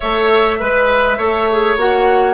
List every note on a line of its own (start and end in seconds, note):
0.00 0.60 A3
0.00 0.60 A4
0.00 0.58 C#5
0.00 1.75 E5
0.59 1.18 G#3
0.59 1.17 B4
0.59 1.19 B4
1.17 1.76 A3
1.17 1.48 A4
1.17 2.34 C#5
1.50 1.78 G#4
1.76 2.34 A#3
1.76 2.34 F#4
1.76 2.34 F#5